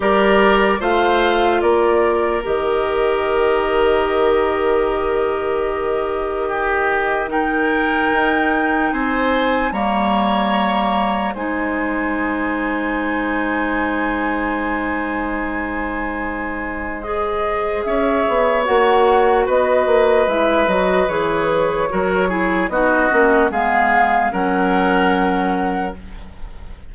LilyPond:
<<
  \new Staff \with { instrumentName = "flute" } { \time 4/4 \tempo 4 = 74 d''4 f''4 d''4 dis''4~ | dis''1~ | dis''4 g''2 gis''4 | ais''2 gis''2~ |
gis''1~ | gis''4 dis''4 e''4 fis''4 | dis''4 e''8 dis''8 cis''2 | dis''4 f''4 fis''2 | }
  \new Staff \with { instrumentName = "oboe" } { \time 4/4 ais'4 c''4 ais'2~ | ais'1 | g'4 ais'2 c''4 | cis''2 c''2~ |
c''1~ | c''2 cis''2 | b'2. ais'8 gis'8 | fis'4 gis'4 ais'2 | }
  \new Staff \with { instrumentName = "clarinet" } { \time 4/4 g'4 f'2 g'4~ | g'1~ | g'4 dis'2. | ais2 dis'2~ |
dis'1~ | dis'4 gis'2 fis'4~ | fis'4 e'8 fis'8 gis'4 fis'8 e'8 | dis'8 cis'8 b4 cis'2 | }
  \new Staff \with { instrumentName = "bassoon" } { \time 4/4 g4 a4 ais4 dis4~ | dis1~ | dis2 dis'4 c'4 | g2 gis2~ |
gis1~ | gis2 cis'8 b8 ais4 | b8 ais8 gis8 fis8 e4 fis4 | b8 ais8 gis4 fis2 | }
>>